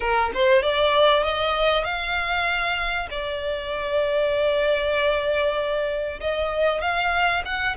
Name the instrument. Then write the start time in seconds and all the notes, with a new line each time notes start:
violin
0.00 A#4
0.34 C5
0.62 D5
1.23 D#5
1.84 F5
3.10 D5
6.20 D#5
6.81 F5
7.45 F#5